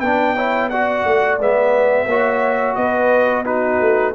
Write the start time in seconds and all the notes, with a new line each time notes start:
0.00 B3 D4 B4 G5
0.35 E4 C#5
0.69 F#4 D5 F#5
1.05 A3
1.39 G#3 B3 E5
2.06 A#3 F#4 C#5
2.75 B3 B4 D#5
3.45 D#4 F#4 B4
3.80 A3